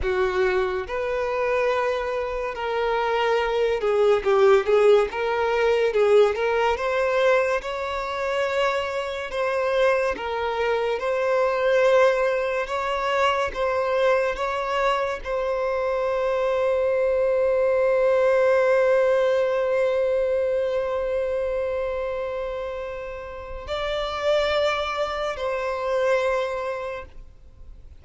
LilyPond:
\new Staff \with { instrumentName = "violin" } { \time 4/4 \tempo 4 = 71 fis'4 b'2 ais'4~ | ais'8 gis'8 g'8 gis'8 ais'4 gis'8 ais'8 | c''4 cis''2 c''4 | ais'4 c''2 cis''4 |
c''4 cis''4 c''2~ | c''1~ | c''1 | d''2 c''2 | }